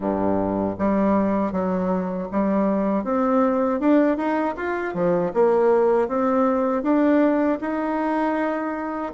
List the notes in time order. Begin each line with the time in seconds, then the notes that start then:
0.00 G2
0.78 G3
1.52 F#3
2.31 G3
3.03 C4
3.80 D4
4.17 D#4
4.56 F4
4.94 F3
5.33 A#3
6.08 C4
6.82 D4
7.61 D#4